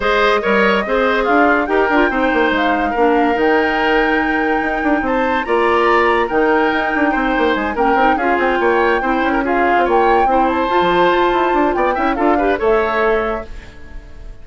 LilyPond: <<
  \new Staff \with { instrumentName = "flute" } { \time 4/4 \tempo 4 = 143 dis''2. f''4 | g''2 f''2 | g''1 | a''4 ais''2 g''4~ |
g''2 gis''8 g''4 f''8 | g''2~ g''8 f''4 g''8~ | g''4 a''2. | g''4 f''4 e''2 | }
  \new Staff \with { instrumentName = "oboe" } { \time 4/4 c''4 cis''4 c''4 f'4 | ais'4 c''2 ais'4~ | ais'1 | c''4 d''2 ais'4~ |
ais'4 c''4. ais'4 gis'8~ | gis'8 cis''4 c''8. ais'16 gis'4 cis''8~ | cis''8 c''2.~ c''8 | d''8 e''8 a'8 b'8 cis''2 | }
  \new Staff \with { instrumentName = "clarinet" } { \time 4/4 gis'4 ais'4 gis'2 | g'8 f'8 dis'2 d'4 | dis'1~ | dis'4 f'2 dis'4~ |
dis'2~ dis'8 cis'8 dis'8 f'8~ | f'4. e'4 f'4.~ | f'8 e'4 f'2~ f'8~ | f'8 e'8 f'8 g'8 a'2 | }
  \new Staff \with { instrumentName = "bassoon" } { \time 4/4 gis4 g4 c'4 d'4 | dis'8 d'8 c'8 ais8 gis4 ais4 | dis2. dis'8 d'8 | c'4 ais2 dis4 |
dis'8 d'8 c'8 ais8 gis8 ais8 c'8 cis'8 | c'8 ais4 c'8 cis'4~ cis'16 c'16 ais8~ | ais8 c'4 f'16 f8. f'8 e'8 d'8 | b8 cis'8 d'4 a2 | }
>>